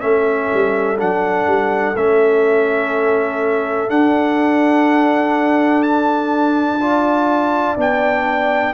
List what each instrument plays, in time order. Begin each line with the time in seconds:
0.00 tuba A3, trombone C#4, horn A4, trumpet E5
0.54 tuba G3
0.99 tuba F#3, trombone D4, trumpet F#5
1.47 tuba G3
1.96 tuba A3, trombone C#4, trumpet E5
3.89 trombone D4, tuba D4, trumpet F#5
5.82 trumpet A5
6.81 trombone F4, horn D5
7.77 tuba B3, trombone D4, trumpet G5